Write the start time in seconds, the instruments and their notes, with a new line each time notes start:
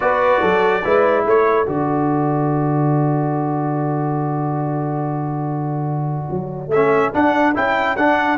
0.00 tuba B3, trombone F#4, horn B4, trumpet D5
0.41 tuba F#3, horn A4
0.84 tuba G#3, trombone E4, horn B4
1.25 tuba A3, horn A4, trumpet C#5
1.65 tuba D3, trombone F#4, trumpet D5
6.30 tuba F#3
6.67 tuba A3, trumpet E5
6.75 trombone C#4
7.13 trombone D4, tuba D4, trumpet F#5
7.54 tuba C#4, trombone E4, trumpet G5
7.96 tuba D4, trombone D4, trumpet F#5